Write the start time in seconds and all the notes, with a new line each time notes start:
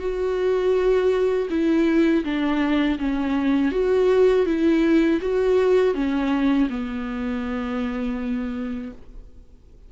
0.00 F#4
1.50 E4
2.24 D4
2.99 C#4
3.72 F#4
4.46 E4
5.21 F#4
5.95 C#4
6.70 B3